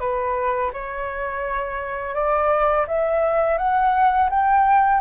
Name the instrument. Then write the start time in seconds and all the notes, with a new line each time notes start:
flute
0.00 B4
0.73 C#5
2.15 D5
2.88 E5
3.58 F#5
4.30 G5